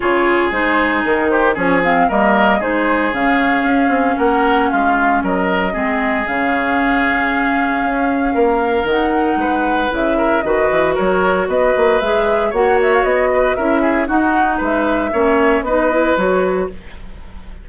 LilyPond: <<
  \new Staff \with { instrumentName = "flute" } { \time 4/4 \tempo 4 = 115 cis''4 c''4 ais'8 c''8 cis''8 f''8 | dis''4 c''4 f''2 | fis''4 f''4 dis''2 | f''1~ |
f''4 fis''2 e''4 | dis''4 cis''4 dis''4 e''4 | fis''8 e''16 f''16 dis''4 e''4 fis''4 | e''2 dis''4 cis''4 | }
  \new Staff \with { instrumentName = "oboe" } { \time 4/4 gis'2~ gis'8 g'8 gis'4 | ais'4 gis'2. | ais'4 f'4 ais'4 gis'4~ | gis'1 |
ais'2 b'4. ais'8 | b'4 ais'4 b'2 | cis''4. b'8 ais'8 gis'8 fis'4 | b'4 cis''4 b'2 | }
  \new Staff \with { instrumentName = "clarinet" } { \time 4/4 f'4 dis'2 cis'8 c'8 | ais4 dis'4 cis'2~ | cis'2. c'4 | cis'1~ |
cis'4 dis'2 e'4 | fis'2. gis'4 | fis'2 e'4 dis'4~ | dis'4 cis'4 dis'8 e'8 fis'4 | }
  \new Staff \with { instrumentName = "bassoon" } { \time 4/4 cis4 gis4 dis4 f4 | g4 gis4 cis4 cis'8 c'8 | ais4 gis4 fis4 gis4 | cis2. cis'4 |
ais4 dis4 gis4 cis4 | dis8 e8 fis4 b8 ais8 gis4 | ais4 b4 cis'4 dis'4 | gis4 ais4 b4 fis4 | }
>>